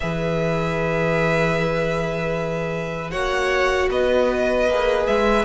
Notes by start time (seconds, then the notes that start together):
0.00 E3 G#4 B4 E5
3.11 A#3 F#4 C#5 F#5
3.90 B3 B4 D#5
4.68 A#3 G#4
5.06 G#3 E5